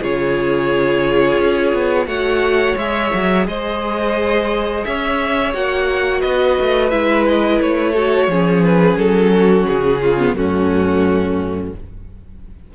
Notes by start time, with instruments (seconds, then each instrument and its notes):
0.00 cello C#3, viola F4, violin G#4 C#5
1.38 cello C#4
1.73 cello B3
2.06 cello A3, viola F#4, violin C#5 F#5
2.76 cello G#3, viola G#4, violin E5
3.14 cello F#3
3.46 cello G#3, violin C5 D#5
4.84 cello C#4, violin C#5 E5
5.53 cello A#3, viola F#4, violin F#5
6.21 cello B3, violin B4 D#5
6.60 cello A3
6.89 cello G#3, viola E4, violin E5
7.28 violin D#5
7.59 cello A3, violin C#5
7.92 viola F#4, violin A4
8.27 cello F3, viola C#4, violin G#4
8.63 violin B4
8.96 cello F#3, violin A4
9.33 violin F#4
9.67 cello C#3, violin G#4
10.01 violin F4
10.18 viola B3
10.33 cello F#2, viola A3, violin C#4 F#4